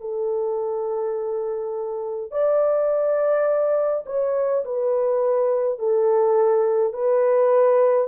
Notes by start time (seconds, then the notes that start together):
0.00 A4
2.31 D5
4.06 C#5
4.65 B4
5.78 A4
6.93 B4